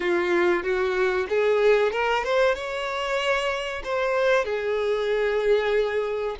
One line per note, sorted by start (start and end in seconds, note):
0.00 0.63 F4
0.63 1.26 F#4
1.29 1.91 G#4
1.91 2.23 A#4
2.24 2.54 C5
2.54 3.82 C#5
3.84 4.44 C5
4.44 6.36 G#4